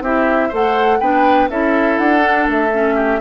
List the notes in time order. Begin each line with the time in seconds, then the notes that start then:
0.00 C4 E4 G4 E5
0.48 A3 A4 C5 F#5
0.99 B3 D4 B4 G5
1.49 C#4 E4 A4 E5
1.98 D4 F#5
2.20 D4
2.47 A3 E5
2.72 C#4
2.95 G4